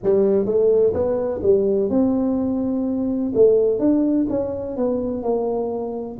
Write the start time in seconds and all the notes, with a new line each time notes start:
0.03 G3
0.45 A3
0.93 B3
1.42 G3
1.89 C4
3.35 A3
3.79 D4
4.29 C#4
4.76 B3
5.23 A#3